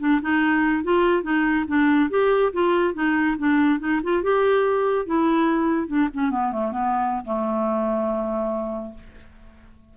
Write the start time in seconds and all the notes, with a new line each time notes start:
0.00 D4
0.22 D#4
0.84 F4
1.23 D#4
1.68 D4
2.10 G4
2.53 F4
2.95 D#4
3.39 D4
3.80 D#4
4.04 F4
4.23 G4
5.06 E4
5.88 D4
6.14 C#4
6.31 B3
6.52 A3
6.72 B3
7.25 A3